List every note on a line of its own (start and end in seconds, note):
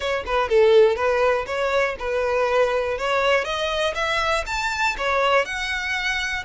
0.00 0.24 C#5
0.26 0.48 B4
0.48 0.96 A4
0.96 1.45 B4
1.46 1.96 C#5
1.98 2.98 B4
2.98 3.44 C#5
3.44 3.94 D#5
3.94 4.44 E5
4.46 4.96 A5
4.97 5.45 C#5
5.45 6.44 F#5